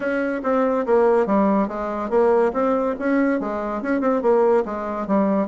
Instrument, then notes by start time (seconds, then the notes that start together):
bassoon
0.00 C#4
0.43 C4
0.86 A#3
1.26 G3
1.68 G#3
2.09 A#3
2.53 C4
2.99 C#4
3.40 G#3
3.82 C#4
4.00 C4
4.22 A#3
4.65 G#3
5.07 G3